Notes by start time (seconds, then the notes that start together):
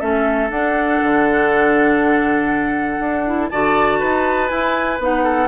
0.00 A3 C#4 A4 E5
0.50 D4 F#5
1.03 D3
3.00 D4
3.26 E4
3.50 D3 F#4 D5 A5
3.99 D#4 B4
4.49 E4 G#5
4.99 B3 D#4 F#5
5.24 A4